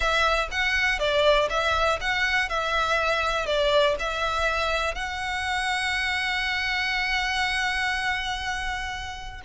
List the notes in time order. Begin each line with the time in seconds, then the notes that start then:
0.00 E5
0.51 F#5
0.99 D5
1.49 E5
2.01 F#5
2.49 E5
3.46 D5
3.99 E5
4.95 F#5